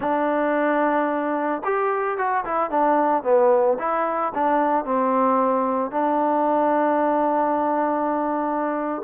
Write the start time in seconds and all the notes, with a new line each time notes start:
0.00 D4
1.64 G4
2.17 F#4
2.44 E4
2.70 D4
3.23 B3
3.78 E4
4.34 D4
4.85 C4
5.91 D4